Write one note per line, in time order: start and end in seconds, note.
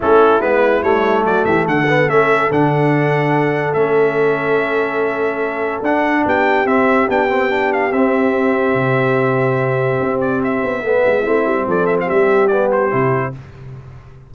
0.00 0.41 A3
0.00 0.41 C#4
0.00 1.25 E4
0.00 0.41 A4
0.41 0.82 G#3
0.41 0.82 B3
0.41 0.82 B4
0.82 1.24 G3
0.82 1.87 A3
0.82 1.24 C#5
1.24 1.45 F#3
1.24 1.45 F#4
1.24 1.44 D5
1.44 1.66 E3
1.44 1.65 G4
1.44 1.65 E5
1.65 2.07 D3
1.65 6.23 A4
1.65 2.09 F#5
1.87 2.08 B3
2.07 2.49 A3
2.07 2.50 C#4
2.07 2.51 E5
2.50 3.74 D3
2.50 3.75 D4
2.50 3.73 F#5
3.73 5.82 A3
3.73 5.83 C#4
3.73 5.82 E5
5.82 6.23 D4
5.82 6.65 D4
5.82 6.25 F#5
6.25 6.65 B3
6.25 10.83 G4
6.25 6.66 G5
6.65 7.06 C4
6.65 7.07 C4
6.65 7.08 E5
7.08 7.92 B3
7.08 7.28 D4
7.08 7.72 G5
7.28 7.49 C4
7.49 7.90 D4
7.72 7.92 F5
7.92 8.74 C4
7.92 10.83 C4
7.92 10.20 E5
8.74 9.99 C3
10.00 10.62 C4
10.20 10.41 D5
10.43 11.68 E5
10.63 10.83 B3
10.83 11.04 A3
10.83 11.24 B3
10.83 11.21 B4
11.06 11.26 G#3
11.21 11.45 A3
11.21 12.49 C4
11.21 11.63 E4
11.45 11.66 G3
11.67 12.09 F3
11.67 12.05 A4
11.67 11.86 D5
11.86 11.96 E5
12.00 13.30 G4
12.00 12.09 F5
12.09 12.92 G3
12.09 12.47 E5
12.47 12.90 B3
12.47 12.68 D5
12.71 13.34 C5
12.90 13.34 C3
12.90 13.32 E4